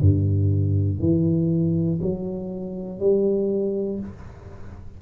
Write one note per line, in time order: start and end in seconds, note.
0.00 1.00 G2
1.00 2.00 E3
2.01 3.00 F#3
3.00 4.00 G3